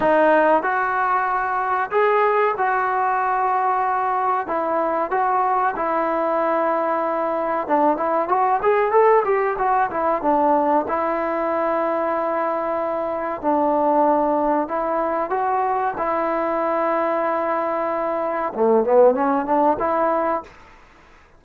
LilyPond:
\new Staff \with { instrumentName = "trombone" } { \time 4/4 \tempo 4 = 94 dis'4 fis'2 gis'4 | fis'2. e'4 | fis'4 e'2. | d'8 e'8 fis'8 gis'8 a'8 g'8 fis'8 e'8 |
d'4 e'2.~ | e'4 d'2 e'4 | fis'4 e'2.~ | e'4 a8 b8 cis'8 d'8 e'4 | }